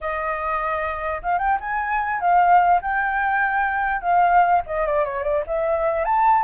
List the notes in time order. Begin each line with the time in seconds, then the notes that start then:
0.00 D#5
1.22 F5
1.38 G5
1.60 G#5
2.20 F5
2.81 G5
4.01 F5
4.66 D#5
4.86 D5
5.04 C#5
5.23 D5
5.46 E5
6.05 A5